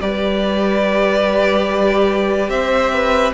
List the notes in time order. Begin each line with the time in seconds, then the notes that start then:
0.00 G3 G4 B4 D5
2.49 C4 C5 E5
2.93 B4